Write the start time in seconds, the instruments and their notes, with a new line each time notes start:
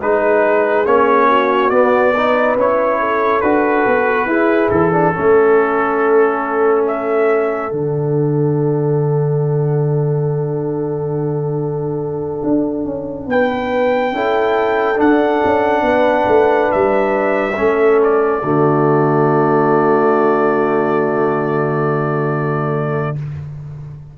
0.00 tuba G#3, trombone D#4, horn G#4, trumpet B4
0.86 tuba A#3, trombone C#4, trumpet C#5
1.29 horn F#4
1.70 tuba B3, trombone B3, trumpet D5
2.14 trombone D#4, horn B4
2.57 tuba C#4, trombone E4, trumpet C#5
3.00 horn A4
3.41 tuba D4, trombone F#4, trumpet B4
3.87 tuba B3
4.27 tuba E4, trombone E4, horn G#4
4.70 tuba E3, trumpet A4
4.93 trombone D4
5.14 tuba A3, trombone C#4, horn A4
6.88 trumpet E5
7.71 tuba D3, trombone D4, trumpet F#5
12.44 tuba D4
12.85 tuba C#4
13.27 tuba B3, horn B4, trumpet G5
14.13 tuba C#4, trombone E4, horn A4
14.96 trombone D4, tuba D4, trumpet F#5
15.45 tuba C#4
15.82 tuba B3, horn B4
16.28 tuba A3
16.72 tuba G3, trumpet E5
17.57 tuba A3, trombone C#4, horn A4
18.04 trumpet D5
18.43 tuba D3, trombone A3, horn F#4